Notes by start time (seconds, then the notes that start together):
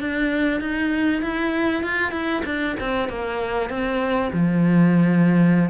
0.00 D4
0.60 D#4
1.22 E4
1.83 F4
2.12 E4
2.45 D4
2.80 C4
3.09 A#3
3.69 C4
4.33 F3